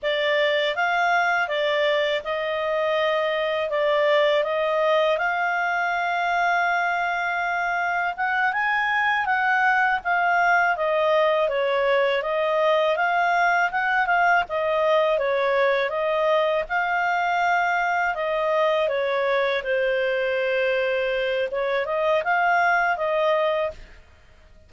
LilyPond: \new Staff \with { instrumentName = "clarinet" } { \time 4/4 \tempo 4 = 81 d''4 f''4 d''4 dis''4~ | dis''4 d''4 dis''4 f''4~ | f''2. fis''8 gis''8~ | gis''8 fis''4 f''4 dis''4 cis''8~ |
cis''8 dis''4 f''4 fis''8 f''8 dis''8~ | dis''8 cis''4 dis''4 f''4.~ | f''8 dis''4 cis''4 c''4.~ | c''4 cis''8 dis''8 f''4 dis''4 | }